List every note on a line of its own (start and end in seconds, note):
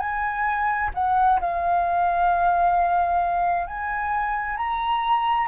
0.00 0.91 G#5
0.95 1.40 F#5
1.41 3.68 F5
3.68 4.57 G#5
4.57 5.48 A#5